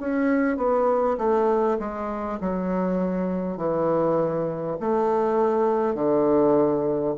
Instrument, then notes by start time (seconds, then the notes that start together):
bassoon
0.00 C#4
0.58 B3
1.18 A3
1.79 G#3
2.41 F#3
3.57 E3
4.81 A3
5.95 D3